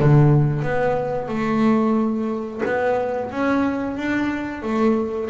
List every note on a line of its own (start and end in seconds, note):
0.00 0.63 D3
0.63 1.29 B3
1.29 2.62 A3
2.66 3.32 B3
3.32 3.98 C#4
3.98 4.63 D4
4.63 5.30 A3